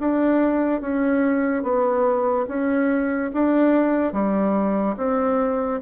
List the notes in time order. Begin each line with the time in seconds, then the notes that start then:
0.00 D4
0.81 C#4
1.63 B3
2.48 C#4
3.34 D4
4.12 G3
4.97 C4